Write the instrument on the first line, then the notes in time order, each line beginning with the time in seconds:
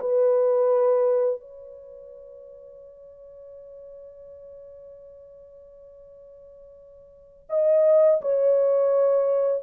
horn
0.00 B4
1.40 C#5
7.50 D#5
8.21 C#5